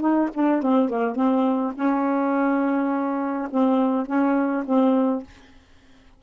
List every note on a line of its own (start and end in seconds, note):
0.00 0.29 D#4
0.34 0.62 D4
0.62 0.89 C4
0.89 1.15 A#3
1.15 1.73 C4
1.75 3.48 C#4
3.50 4.06 C4
4.06 4.64 C#4
4.65 5.23 C4